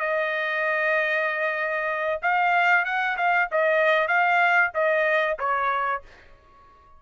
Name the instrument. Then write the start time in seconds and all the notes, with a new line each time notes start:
trumpet
0.00 D#5
2.22 F5
2.85 F#5
3.18 F5
3.52 D#5
4.08 F5
4.75 D#5
5.39 C#5